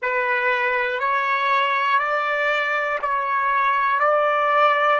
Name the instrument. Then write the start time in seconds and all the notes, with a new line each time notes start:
trumpet
0.01 B4
1.00 C#5
1.99 D5
3.01 C#5
4.00 D5